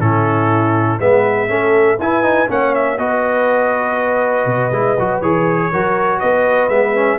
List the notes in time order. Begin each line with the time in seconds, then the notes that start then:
0.00 A2 C#4 E4 A4
0.99 G#3 B3 B4 E5
1.49 A3 C#4 A4
1.99 E4 B4 G#5
2.23 D#4
2.48 A#3 C#4 C#5 F#5
2.74 E5
2.98 B3 F#4 B4 D#5
4.46 B2
4.72 G#3 E4
4.99 F#3 F#4
5.21 E3 G#4 C#5
5.71 F#3 F#4 A#4
6.19 B3 B4 D#5
6.68 G#3 B3 E5
6.95 C#4